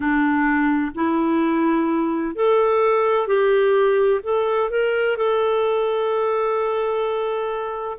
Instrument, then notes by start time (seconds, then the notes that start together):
clarinet
0.00 D4
0.95 E4
2.35 A4
3.27 G4
4.23 A4
4.70 A#4
5.16 A4